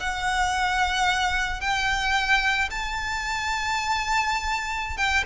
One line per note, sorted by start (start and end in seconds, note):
0.00 1.61 F#5
1.61 2.69 G5
2.71 4.97 A5
4.97 5.24 G5